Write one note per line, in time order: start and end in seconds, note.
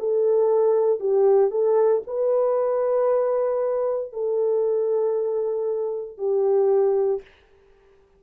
0.00 1.01 A4
1.01 1.51 G4
1.51 2.03 A4
2.07 4.13 B4
4.13 6.18 A4
6.18 7.22 G4